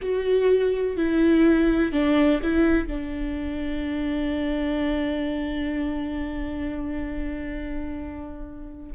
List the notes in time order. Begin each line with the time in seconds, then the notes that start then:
0.01 F#4
0.97 E4
1.92 D4
2.42 E4
2.87 D4